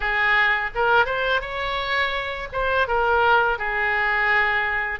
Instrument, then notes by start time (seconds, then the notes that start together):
oboe
0.00 G#4
0.74 A#4
1.05 C5
1.41 C#5
2.52 C5
2.87 A#4
3.58 G#4